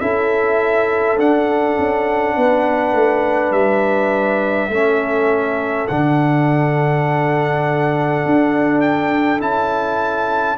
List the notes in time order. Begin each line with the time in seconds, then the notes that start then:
0.00 C#4 E4 A4 E5
1.18 D4 F#5
1.79 C#4
2.37 B3 B4
2.93 A3
3.51 G3 E5
4.69 A3 C#4 A4
5.88 D3 D4 F#5
8.26 D4
8.81 G5
9.40 C#4 E4 A5